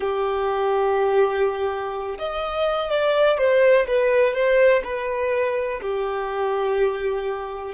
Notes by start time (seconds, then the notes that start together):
0.00 G4
2.18 D#5
2.90 D5
3.38 C5
3.87 B4
4.34 C5
4.83 B4
5.81 G4